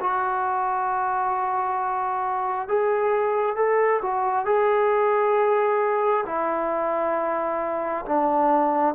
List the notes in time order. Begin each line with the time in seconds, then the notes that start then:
0.00 F#4
2.68 G#4
3.55 A4
4.01 F#4
4.45 G#4
6.26 E4
8.05 D4